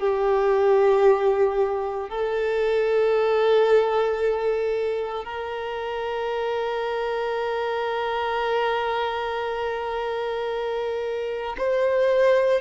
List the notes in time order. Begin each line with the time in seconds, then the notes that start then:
0.00 G4
2.10 A4
5.25 A#4
11.58 C5